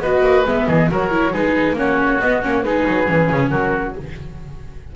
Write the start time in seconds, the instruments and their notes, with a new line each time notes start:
0.00 double bass B3, viola F#4, oboe B4, flute D#5
0.22 double bass A#3
0.45 double bass G#3, viola B3, flute E5
0.68 double bass E3, oboe G#4, flute D#5
0.91 double bass F#3, viola F#4, oboe A#4, flute C#5
1.11 viola E4
1.33 double bass G#3, viola D#4, oboe G#4, flute B4
1.73 double bass A#3, viola C#4, oboe F#4, flute C#5
2.21 double bass B3, viola B3, flute D#5
2.43 double bass A#3, viola C#4, flute C#5
2.63 double bass G#3, viola D#4, oboe G#4, flute B4
2.87 double bass F#3
3.07 double bass E3, viola C#4
3.32 double bass C#3
3.50 double bass F#3, oboe F#4, flute A#4